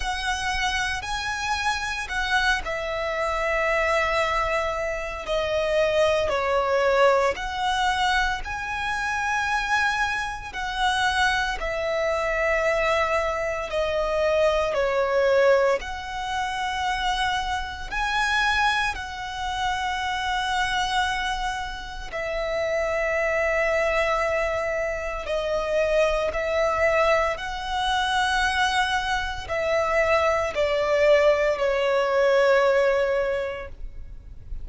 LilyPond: \new Staff \with { instrumentName = "violin" } { \time 4/4 \tempo 4 = 57 fis''4 gis''4 fis''8 e''4.~ | e''4 dis''4 cis''4 fis''4 | gis''2 fis''4 e''4~ | e''4 dis''4 cis''4 fis''4~ |
fis''4 gis''4 fis''2~ | fis''4 e''2. | dis''4 e''4 fis''2 | e''4 d''4 cis''2 | }